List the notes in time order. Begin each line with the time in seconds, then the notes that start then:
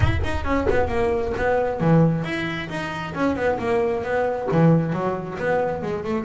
0.00 E4
0.24 D#4
0.44 C#4
0.69 B3
0.88 A#3
1.37 B3
1.80 E3
2.24 E4
2.69 D#4
3.14 C#4
3.36 B3
3.58 A#3
4.03 B3
4.51 E3
4.93 F#3
5.38 B3
5.82 G#3
6.04 A3